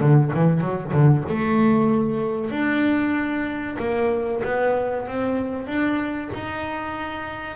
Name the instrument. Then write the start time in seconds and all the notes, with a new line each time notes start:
double bass
0.00 D3
0.34 E3
0.61 F#3
0.93 D3
1.28 A3
2.50 D4
3.79 A#3
4.44 B3
5.07 C4
5.67 D4
6.34 D#4